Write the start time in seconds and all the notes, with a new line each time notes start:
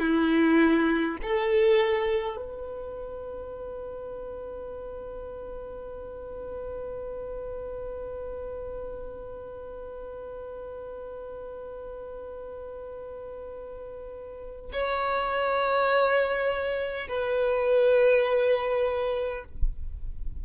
0.00 E4
1.22 A4
2.36 B4
14.73 C#5
17.09 B4